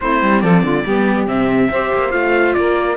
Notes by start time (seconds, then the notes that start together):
0.00 A3 C4 E4 C5
0.22 G3
0.40 F3 A4 D5
0.62 D3 F4
0.84 G3 B3 G4
1.27 C3 C4 E5
1.70 C4 G4 C5
1.93 A#3
2.11 A3 F4 F5
2.53 A#3 A#4 D5